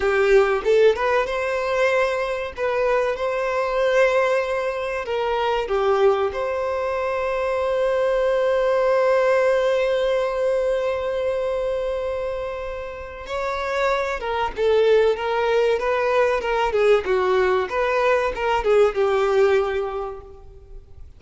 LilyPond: \new Staff \with { instrumentName = "violin" } { \time 4/4 \tempo 4 = 95 g'4 a'8 b'8 c''2 | b'4 c''2. | ais'4 g'4 c''2~ | c''1~ |
c''1~ | c''4 cis''4. ais'8 a'4 | ais'4 b'4 ais'8 gis'8 fis'4 | b'4 ais'8 gis'8 g'2 | }